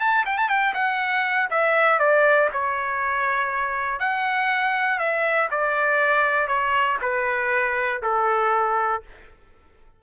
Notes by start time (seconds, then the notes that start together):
0.00 A5
0.26 G5
0.38 A5
0.49 G5
0.74 F#5
1.50 E5
1.99 D5
2.53 C#5
4.00 F#5
4.99 E5
5.51 D5
6.48 C#5
7.02 B4
8.03 A4